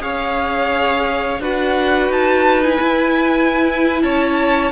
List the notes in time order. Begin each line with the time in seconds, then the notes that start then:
0.00 C#4 G#4 C#5 F5
1.40 D4 F#4 B4 F#5
2.09 D#4 A5
2.63 E4 G#5
2.82 E4
4.02 C#4 C#5 A5